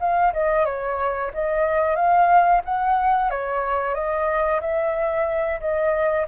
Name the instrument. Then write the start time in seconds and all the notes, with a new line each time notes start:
flute
0.00 F5
0.33 D#5
0.65 C#5
1.34 D#5
1.96 F5
2.65 F#5
3.31 C#5
3.95 D#5
4.61 E5
5.61 D#5